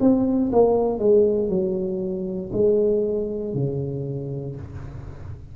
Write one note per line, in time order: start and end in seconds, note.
0.00 0.51 C4
0.52 0.99 A#3
0.99 1.48 G#3
1.48 2.50 F#3
2.52 3.54 G#3
3.54 4.55 C#3